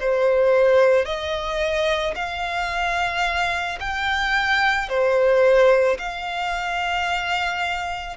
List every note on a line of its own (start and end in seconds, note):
0.00 1.06 C5
1.06 2.15 D#5
2.16 3.79 F5
3.80 4.89 G5
4.89 5.98 C5
5.99 8.17 F5